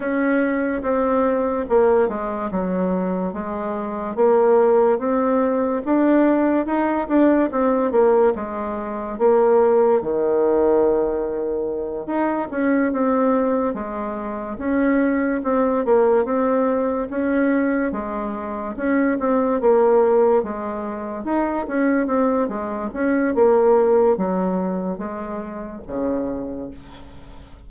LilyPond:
\new Staff \with { instrumentName = "bassoon" } { \time 4/4 \tempo 4 = 72 cis'4 c'4 ais8 gis8 fis4 | gis4 ais4 c'4 d'4 | dis'8 d'8 c'8 ais8 gis4 ais4 | dis2~ dis8 dis'8 cis'8 c'8~ |
c'8 gis4 cis'4 c'8 ais8 c'8~ | c'8 cis'4 gis4 cis'8 c'8 ais8~ | ais8 gis4 dis'8 cis'8 c'8 gis8 cis'8 | ais4 fis4 gis4 cis4 | }